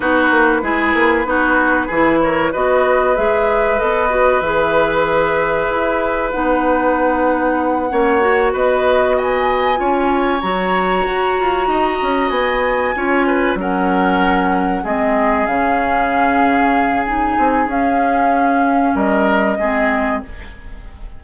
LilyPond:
<<
  \new Staff \with { instrumentName = "flute" } { \time 4/4 \tempo 4 = 95 b'2.~ b'8 cis''8 | dis''4 e''4 dis''4 e''4~ | e''2 fis''2~ | fis''4. dis''4 gis''4.~ |
gis''8 ais''2. gis''8~ | gis''4. fis''2 dis''8~ | dis''8 f''2~ f''8 gis''4 | f''2 dis''2 | }
  \new Staff \with { instrumentName = "oboe" } { \time 4/4 fis'4 gis'4 fis'4 gis'8 ais'8 | b'1~ | b'1~ | b'8 cis''4 b'4 dis''4 cis''8~ |
cis''2~ cis''8 dis''4.~ | dis''8 cis''8 b'8 ais'2 gis'8~ | gis'1~ | gis'2 ais'4 gis'4 | }
  \new Staff \with { instrumentName = "clarinet" } { \time 4/4 dis'4 e'4 dis'4 e'4 | fis'4 gis'4 a'8 fis'8 gis'4~ | gis'2 dis'2~ | dis'8 cis'8 fis'2~ fis'8 f'8~ |
f'8 fis'2.~ fis'8~ | fis'8 f'4 cis'2 c'8~ | c'8 cis'2~ cis'8 dis'4 | cis'2. c'4 | }
  \new Staff \with { instrumentName = "bassoon" } { \time 4/4 b8 ais8 gis8 ais8 b4 e4 | b4 gis4 b4 e4~ | e4 e'4 b2~ | b8 ais4 b2 cis'8~ |
cis'8 fis4 fis'8 f'8 dis'8 cis'8 b8~ | b8 cis'4 fis2 gis8~ | gis8 cis2. c'8 | cis'2 g4 gis4 | }
>>